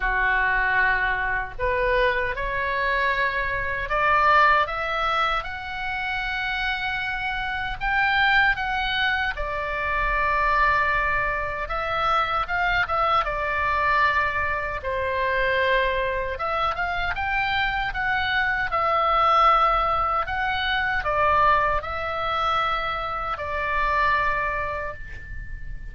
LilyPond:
\new Staff \with { instrumentName = "oboe" } { \time 4/4 \tempo 4 = 77 fis'2 b'4 cis''4~ | cis''4 d''4 e''4 fis''4~ | fis''2 g''4 fis''4 | d''2. e''4 |
f''8 e''8 d''2 c''4~ | c''4 e''8 f''8 g''4 fis''4 | e''2 fis''4 d''4 | e''2 d''2 | }